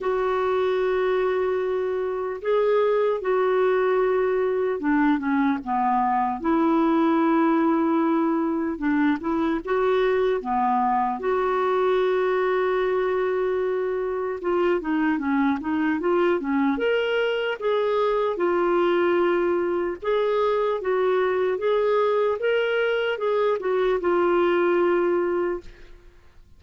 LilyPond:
\new Staff \with { instrumentName = "clarinet" } { \time 4/4 \tempo 4 = 75 fis'2. gis'4 | fis'2 d'8 cis'8 b4 | e'2. d'8 e'8 | fis'4 b4 fis'2~ |
fis'2 f'8 dis'8 cis'8 dis'8 | f'8 cis'8 ais'4 gis'4 f'4~ | f'4 gis'4 fis'4 gis'4 | ais'4 gis'8 fis'8 f'2 | }